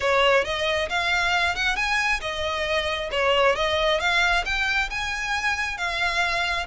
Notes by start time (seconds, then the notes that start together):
0.00 C#5
0.44 D#5
0.89 F5
1.55 F#5
1.76 G#5
2.20 D#5
3.11 C#5
3.55 D#5
4.00 F5
4.45 G5
4.89 G#5
5.77 F5